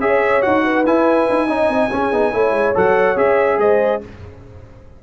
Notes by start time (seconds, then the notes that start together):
0.00 C#4 G#4 C#5 E5
0.42 D#4 F#4 F#5
0.64 B4
0.86 E4 G#5
1.29 D#4
1.47 C#4 D#4 D#5
1.69 C4
1.91 C#4 G#4
2.12 B3 D#4
2.33 A3 E4 C#5
2.51 G#3
2.74 F#3 A4 F#5
3.16 C#4 G#4 E5
3.58 G#3 C5 D#5